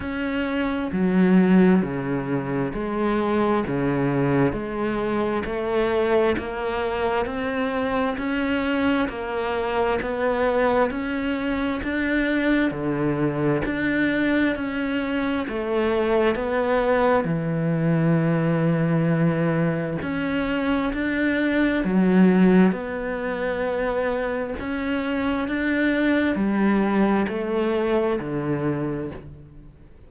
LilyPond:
\new Staff \with { instrumentName = "cello" } { \time 4/4 \tempo 4 = 66 cis'4 fis4 cis4 gis4 | cis4 gis4 a4 ais4 | c'4 cis'4 ais4 b4 | cis'4 d'4 d4 d'4 |
cis'4 a4 b4 e4~ | e2 cis'4 d'4 | fis4 b2 cis'4 | d'4 g4 a4 d4 | }